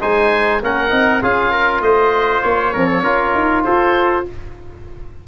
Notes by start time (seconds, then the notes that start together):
0.00 G#3 D#4 C5 G#5
0.63 A#3 C#4 A#4 F#5
0.90 C4 D#4
1.21 C#4 F4 G#4 F5
1.51 A#4
1.81 A3 C5 D#5
2.42 A#3 C#5
2.73 F3 C4 A#4
2.87 A4
3.03 C#4 F4 A#4
3.34 D#4
3.64 F4 A4 C5